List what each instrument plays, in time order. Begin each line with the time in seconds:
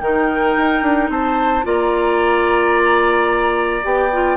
0.00 bassoon D#3, clarinet D#4, oboe A#4, flute G5
0.57 bassoon D#4
0.82 bassoon D4
1.10 bassoon C4, oboe C5, flute A5
1.64 bassoon A#3, clarinet F4, oboe D5, flute A#5
3.83 bassoon B3, clarinet G4, flute G5
4.13 clarinet F4